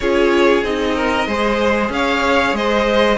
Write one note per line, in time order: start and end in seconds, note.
0.00 0.63 C#4
0.00 0.63 F4
0.00 0.95 G#4
0.00 0.64 C#5
0.63 1.26 C4
0.63 1.27 D#4
0.63 1.91 D#5
0.95 1.27 A#4
1.26 1.89 G#3
1.26 3.17 G#4
1.26 1.91 C5
1.89 2.53 C#4
1.89 2.55 F5
1.95 2.57 C#5
2.53 3.16 G#3
2.53 3.17 C5
2.53 3.17 D#5